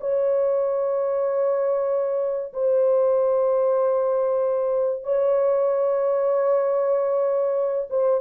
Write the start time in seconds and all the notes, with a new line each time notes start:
0.00 C#5
2.53 C5
5.03 C#5
7.89 C5